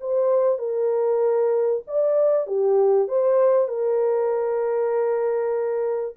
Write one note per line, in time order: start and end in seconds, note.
0.00 0.58 C5
0.58 1.82 A#4
1.87 2.47 D5
2.47 3.08 G4
3.08 3.68 C5
3.68 6.15 A#4